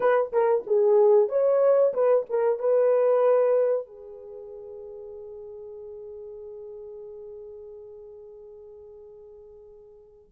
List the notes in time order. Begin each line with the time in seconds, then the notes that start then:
0.00 B4
0.32 A#4
0.66 G#4
1.28 C#5
1.93 B4
2.29 A#4
2.59 B4
3.86 G#4